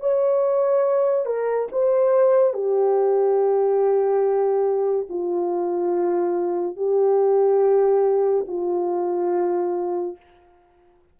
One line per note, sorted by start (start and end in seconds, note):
0.00 1.26 C#5
1.26 1.68 A#4
1.72 2.53 C5
2.53 5.07 G4
5.09 6.76 F4
6.76 8.45 G4
8.47 10.16 F4